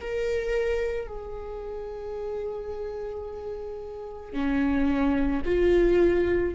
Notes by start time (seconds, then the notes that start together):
0.00 A#4
1.07 G#4
4.33 C#4
5.45 F4